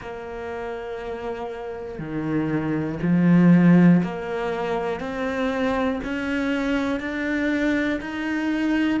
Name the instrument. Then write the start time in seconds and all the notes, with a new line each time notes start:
cello
0.00 A#3
1.99 D#3
3.02 F3
4.03 A#3
5.00 C4
6.04 C#4
7.00 D4
8.00 D#4